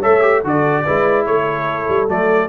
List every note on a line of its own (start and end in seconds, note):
0.00 0.21 A4
0.00 0.41 C#5
0.00 0.44 E5
0.06 0.43 A3
0.21 0.41 G4
0.43 0.85 D3
0.43 0.85 F#4
0.43 0.84 A4
0.43 1.26 D5
0.84 1.26 G#3
0.84 2.08 E4
0.84 1.25 B4
1.26 1.88 A3
1.26 2.48 A4
1.26 2.08 C#5
1.88 2.08 G3
2.08 2.48 F#3
2.08 2.48 A3
2.08 2.48 D5